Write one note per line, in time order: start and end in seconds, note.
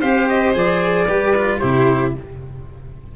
0.00 0.55 C4
0.00 0.54 G4
0.00 1.06 C5
0.00 0.28 F5
0.29 0.56 D#5
0.54 1.09 F3
0.54 1.07 G#4
0.54 1.60 D5
1.07 1.62 G3
1.07 1.36 G4
1.07 1.60 B4
1.36 1.62 F4
1.60 2.16 C3
1.60 2.15 E4
1.60 2.13 G4
1.60 2.13 C5